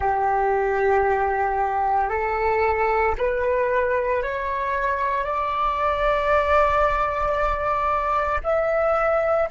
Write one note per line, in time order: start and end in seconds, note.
0.00 2.09 G4
2.09 3.14 A4
3.18 4.22 B4
4.22 5.24 C#5
5.24 8.40 D5
8.43 9.48 E5